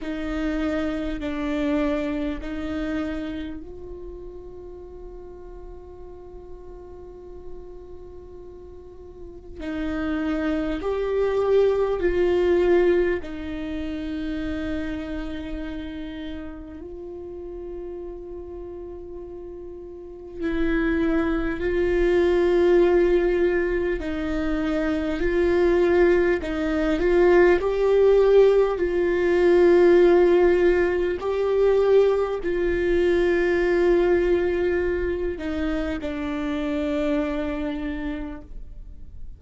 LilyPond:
\new Staff \with { instrumentName = "viola" } { \time 4/4 \tempo 4 = 50 dis'4 d'4 dis'4 f'4~ | f'1 | dis'4 g'4 f'4 dis'4~ | dis'2 f'2~ |
f'4 e'4 f'2 | dis'4 f'4 dis'8 f'8 g'4 | f'2 g'4 f'4~ | f'4. dis'8 d'2 | }